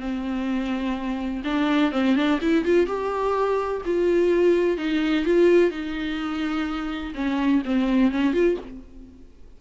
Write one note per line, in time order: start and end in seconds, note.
0.00 1.43 C4
1.44 1.92 D4
1.92 2.16 C4
2.16 2.40 D4
2.41 2.65 E4
2.65 2.87 F4
2.87 3.82 G4
3.86 4.77 F4
4.77 5.25 D#4
5.25 5.71 F4
5.71 7.14 D#4
7.15 7.62 C#4
7.65 8.12 C4
8.12 8.33 C#4
8.33 8.57 F4